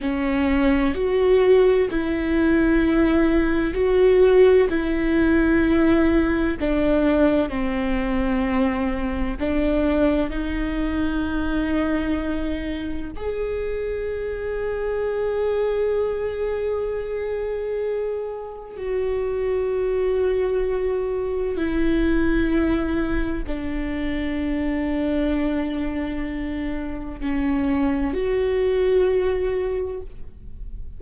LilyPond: \new Staff \with { instrumentName = "viola" } { \time 4/4 \tempo 4 = 64 cis'4 fis'4 e'2 | fis'4 e'2 d'4 | c'2 d'4 dis'4~ | dis'2 gis'2~ |
gis'1 | fis'2. e'4~ | e'4 d'2.~ | d'4 cis'4 fis'2 | }